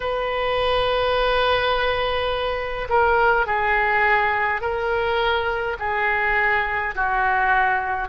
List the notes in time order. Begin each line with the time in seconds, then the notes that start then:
0.00 B4
2.89 A#4
3.46 G#4
4.61 A#4
5.79 G#4
6.95 F#4